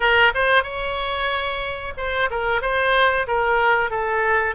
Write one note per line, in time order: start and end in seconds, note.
0.00 0.32 A#4
0.34 0.63 C5
0.63 1.93 C#5
1.97 2.29 C5
2.30 2.61 A#4
2.61 3.26 C5
3.27 3.90 A#4
3.90 4.55 A4